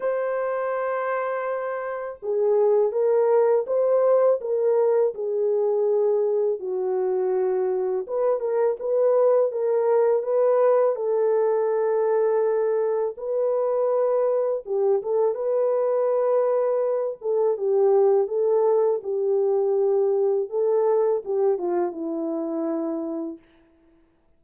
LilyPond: \new Staff \with { instrumentName = "horn" } { \time 4/4 \tempo 4 = 82 c''2. gis'4 | ais'4 c''4 ais'4 gis'4~ | gis'4 fis'2 b'8 ais'8 | b'4 ais'4 b'4 a'4~ |
a'2 b'2 | g'8 a'8 b'2~ b'8 a'8 | g'4 a'4 g'2 | a'4 g'8 f'8 e'2 | }